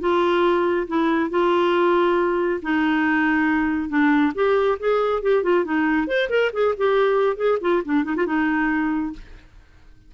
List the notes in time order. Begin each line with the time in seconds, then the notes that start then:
0.00 F4
0.87 E4
1.30 F4
2.62 D#4
3.89 D4
4.34 G4
4.79 G#4
5.22 G4
5.43 F4
5.64 D#4
6.07 C5
6.29 A#4
6.53 G#4
6.77 G4
7.36 G#4
7.61 F4
7.85 D4
8.04 D#4
8.16 F4
8.26 D#4